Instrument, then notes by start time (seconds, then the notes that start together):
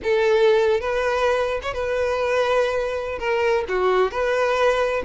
violin
0.03 A4
0.80 B4
1.62 C#5
1.73 B4
3.18 A#4
3.68 F#4
4.11 B4